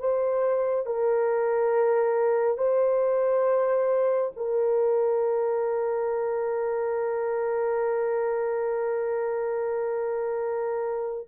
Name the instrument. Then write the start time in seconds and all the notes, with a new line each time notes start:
horn
0.00 C5
0.86 A#4
2.58 C5
4.37 A#4